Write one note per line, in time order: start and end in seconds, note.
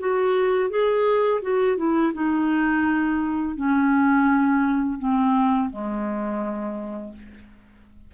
0.00 0.70 F#4
0.70 1.42 G#4
1.43 1.77 F#4
1.77 2.13 E4
2.14 3.56 D#4
3.56 4.99 C#4
4.99 5.70 C4
5.70 7.13 G#3